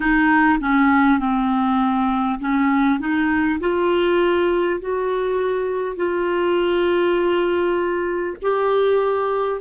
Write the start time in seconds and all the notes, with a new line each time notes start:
0.00 D#4
0.59 C#4
1.19 C4
2.40 C#4
2.99 D#4
3.60 F4
4.79 F#4
5.96 F4
8.42 G4